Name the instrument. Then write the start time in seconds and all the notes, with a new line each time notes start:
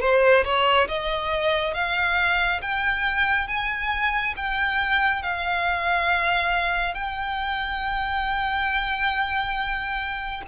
violin
0.00 C5
0.44 C#5
0.88 D#5
1.74 F5
2.61 G5
3.47 G#5
4.36 G5
5.22 F5
6.94 G5